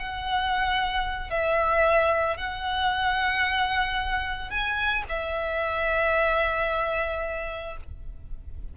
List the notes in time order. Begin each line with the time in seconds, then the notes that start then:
0.00 F#5
1.31 E5
2.38 F#5
4.50 G#5
5.09 E5